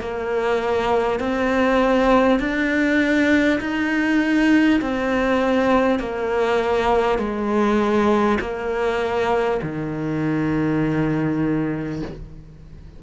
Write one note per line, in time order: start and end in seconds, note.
0.00 1.19 A#3
1.19 2.39 C4
2.39 3.59 D4
3.60 4.80 D#4
4.81 5.99 C4
5.99 7.18 A#3
7.18 8.38 G#3
8.40 9.60 A#3
9.62 12.02 D#3